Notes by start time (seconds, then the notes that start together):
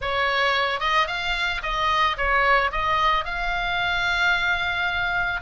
0.01 C#5
0.80 D#5
1.07 F5
1.62 D#5
2.17 C#5
2.71 D#5
3.24 F5